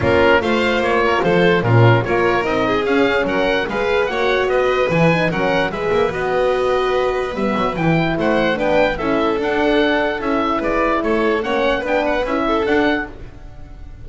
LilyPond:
<<
  \new Staff \with { instrumentName = "oboe" } { \time 4/4 \tempo 4 = 147 ais'4 f''4 cis''4 c''4 | ais'4 cis''4 dis''4 f''4 | fis''4 f''4 fis''4 dis''4 | gis''4 fis''4 e''4 dis''4~ |
dis''2 e''4 g''4 | fis''4 g''4 e''4 fis''4~ | fis''4 e''4 d''4 cis''4 | fis''4 g''8 fis''8 e''4 fis''4 | }
  \new Staff \with { instrumentName = "violin" } { \time 4/4 f'4 c''4. ais'8 a'4 | f'4 ais'4. gis'4. | ais'4 b'4 cis''4 b'4~ | b'4 ais'4 b'2~ |
b'1 | c''4 b'4 a'2~ | a'2 b'4 a'4 | cis''4 b'4. a'4. | }
  \new Staff \with { instrumentName = "horn" } { \time 4/4 cis'4 f'2. | cis'4 f'4 dis'4 cis'4~ | cis'4 gis'4 fis'2 | e'8 dis'8 cis'4 gis'4 fis'4~ |
fis'2 b4 e'4~ | e'4 d'4 e'4 d'4~ | d'4 e'2. | cis'4 d'4 e'4 d'4 | }
  \new Staff \with { instrumentName = "double bass" } { \time 4/4 ais4 a4 ais4 f4 | ais,4 ais4 c'4 cis'4 | fis4 gis4 ais4 b4 | e4 fis4 gis8 ais8 b4~ |
b2 g8 fis8 e4 | a4 b4 cis'4 d'4~ | d'4 cis'4 gis4 a4 | ais4 b4 cis'4 d'4 | }
>>